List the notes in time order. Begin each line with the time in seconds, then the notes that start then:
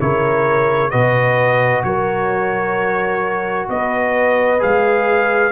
0.00 C#3 E4 A#4 C#5
0.90 B2 F#4 B4 D#5
1.83 F#3 A#4 C#5
3.69 B3 B4 D#5
4.59 G#3 G#4 F5